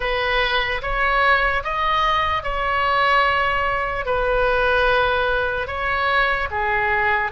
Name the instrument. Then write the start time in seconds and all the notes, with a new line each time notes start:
oboe
0.00 B4
0.81 C#5
1.63 D#5
2.43 C#5
4.05 B4
5.67 C#5
6.50 G#4